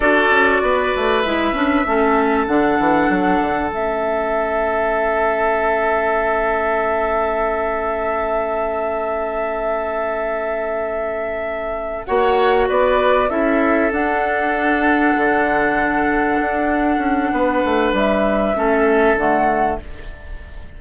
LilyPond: <<
  \new Staff \with { instrumentName = "flute" } { \time 4/4 \tempo 4 = 97 d''2 e''2 | fis''2 e''2~ | e''1~ | e''1~ |
e''2.~ e''8 fis''8~ | fis''8 d''4 e''4 fis''4.~ | fis''1~ | fis''4 e''2 fis''4 | }
  \new Staff \with { instrumentName = "oboe" } { \time 4/4 a'4 b'2 a'4~ | a'1~ | a'1~ | a'1~ |
a'2.~ a'8 cis''8~ | cis''8 b'4 a'2~ a'8~ | a'1 | b'2 a'2 | }
  \new Staff \with { instrumentName = "clarinet" } { \time 4/4 fis'2 e'8 d'8 cis'4 | d'2 cis'2~ | cis'1~ | cis'1~ |
cis'2.~ cis'8 fis'8~ | fis'4. e'4 d'4.~ | d'1~ | d'2 cis'4 a4 | }
  \new Staff \with { instrumentName = "bassoon" } { \time 4/4 d'8 cis'8 b8 a8 gis8 cis'8 a4 | d8 e8 fis8 d8 a2~ | a1~ | a1~ |
a2.~ a8 ais8~ | ais8 b4 cis'4 d'4.~ | d'8 d2 d'4 cis'8 | b8 a8 g4 a4 d4 | }
>>